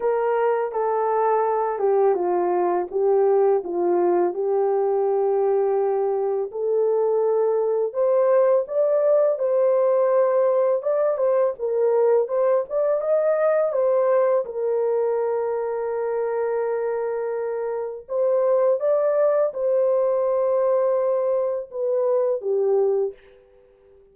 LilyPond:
\new Staff \with { instrumentName = "horn" } { \time 4/4 \tempo 4 = 83 ais'4 a'4. g'8 f'4 | g'4 f'4 g'2~ | g'4 a'2 c''4 | d''4 c''2 d''8 c''8 |
ais'4 c''8 d''8 dis''4 c''4 | ais'1~ | ais'4 c''4 d''4 c''4~ | c''2 b'4 g'4 | }